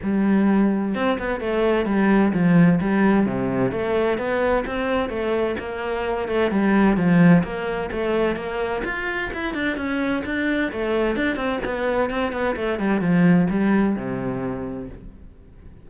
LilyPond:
\new Staff \with { instrumentName = "cello" } { \time 4/4 \tempo 4 = 129 g2 c'8 b8 a4 | g4 f4 g4 c4 | a4 b4 c'4 a4 | ais4. a8 g4 f4 |
ais4 a4 ais4 f'4 | e'8 d'8 cis'4 d'4 a4 | d'8 c'8 b4 c'8 b8 a8 g8 | f4 g4 c2 | }